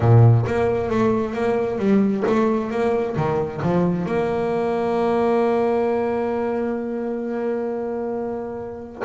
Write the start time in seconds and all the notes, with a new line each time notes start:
0.00 A#2
0.46 A#3
0.89 A3
1.33 A#3
1.78 G3
2.26 A3
2.70 A#3
3.16 D#3
3.62 F3
4.06 A#3